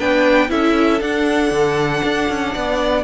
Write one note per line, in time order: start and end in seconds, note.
0.00 0.51 B3
0.00 0.49 D4
0.00 0.51 B4
0.00 0.51 G5
0.49 1.01 C#4
0.49 1.00 E4
0.49 2.54 A4
0.49 1.02 E5
1.01 1.51 D4
1.01 3.05 D4
1.01 3.05 F#5
1.51 2.02 D3
2.04 2.30 D4
2.30 2.56 C#4
2.54 3.05 B3
2.54 3.05 D5